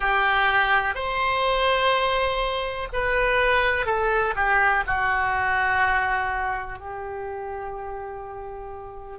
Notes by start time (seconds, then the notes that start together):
0.00 G4
0.95 C5
2.93 B4
3.86 A4
4.35 G4
4.86 F#4
6.79 G4